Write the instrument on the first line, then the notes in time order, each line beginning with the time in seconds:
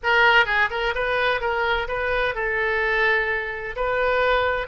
oboe
0.03 A#4
0.45 G#4
0.70 A#4
0.94 B4
1.40 A#4
1.87 B4
2.34 A4
3.75 B4